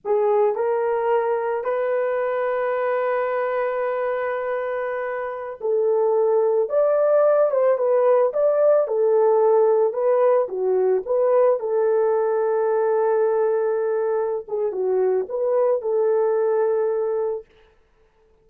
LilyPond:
\new Staff \with { instrumentName = "horn" } { \time 4/4 \tempo 4 = 110 gis'4 ais'2 b'4~ | b'1~ | b'2~ b'16 a'4.~ a'16~ | a'16 d''4. c''8 b'4 d''8.~ |
d''16 a'2 b'4 fis'8.~ | fis'16 b'4 a'2~ a'8.~ | a'2~ a'8 gis'8 fis'4 | b'4 a'2. | }